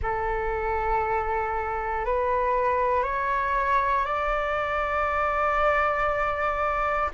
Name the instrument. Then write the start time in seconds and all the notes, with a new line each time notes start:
flute
0.02 A4
2.05 B4
3.03 C#5
4.04 D5